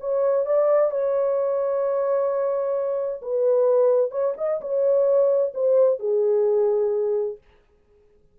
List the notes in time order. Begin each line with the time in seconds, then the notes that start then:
0.00 C#5
0.46 D5
0.91 C#5
3.22 B4
4.11 C#5
4.37 D#5
4.61 C#5
5.54 C5
5.99 G#4